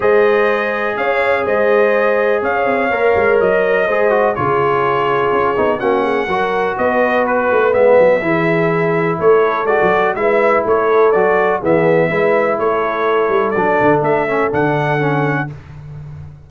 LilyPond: <<
  \new Staff \with { instrumentName = "trumpet" } { \time 4/4 \tempo 4 = 124 dis''2 f''4 dis''4~ | dis''4 f''2 dis''4~ | dis''4 cis''2. | fis''2 dis''4 b'4 |
e''2. cis''4 | d''4 e''4 cis''4 d''4 | e''2 cis''2 | d''4 e''4 fis''2 | }
  \new Staff \with { instrumentName = "horn" } { \time 4/4 c''2 cis''4 c''4~ | c''4 cis''2. | c''4 gis'2. | fis'8 gis'8 ais'4 b'2~ |
b'4 gis'2 a'4~ | a'4 b'4 a'2 | gis'4 b'4 a'2~ | a'1 | }
  \new Staff \with { instrumentName = "trombone" } { \time 4/4 gis'1~ | gis'2 ais'2 | gis'8 fis'8 f'2~ f'8 dis'8 | cis'4 fis'2. |
b4 e'2. | fis'4 e'2 fis'4 | b4 e'2. | d'4. cis'8 d'4 cis'4 | }
  \new Staff \with { instrumentName = "tuba" } { \time 4/4 gis2 cis'4 gis4~ | gis4 cis'8 c'8 ais8 gis8 fis4 | gis4 cis2 cis'8 b8 | ais4 fis4 b4. a8 |
gis8 fis8 e2 a4 | gis16 fis8. gis4 a4 fis4 | e4 gis4 a4. g8 | fis8 d8 a4 d2 | }
>>